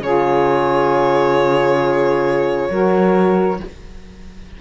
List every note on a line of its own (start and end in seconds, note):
0.00 2.69 C#3
0.00 2.71 F4
0.00 2.70 G#4
0.00 3.61 C#5
2.70 3.60 F#3
2.70 3.60 F#4
2.70 3.60 A#4